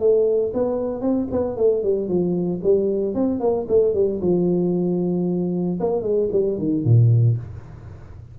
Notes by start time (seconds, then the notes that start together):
0.00 A3
0.54 B3
1.01 C4
1.32 B3
1.57 A3
1.83 G3
2.09 F3
2.63 G3
3.14 C4
3.40 A#3
3.68 A3
3.94 G3
4.22 F3
5.80 A#3
6.03 G#3
6.32 G3
6.59 D#3
6.85 A#2